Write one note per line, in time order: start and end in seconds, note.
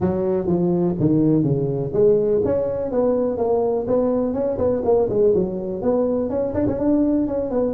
0.00 0.47 F#3
0.47 0.95 F3
0.99 1.43 D#3
1.43 1.91 C#3
1.93 2.41 G#3
2.44 2.91 C#4
2.91 3.37 B3
3.37 3.86 A#3
3.87 4.33 B3
4.33 4.57 C#4
4.58 4.82 B3
4.84 5.08 A#3
5.09 5.34 G#3
5.35 5.82 F#3
5.82 6.29 B3
6.29 6.53 C#4
6.53 6.66 D4
6.67 6.78 C#4
6.78 7.27 D4
7.27 7.50 C#4
7.50 7.74 B3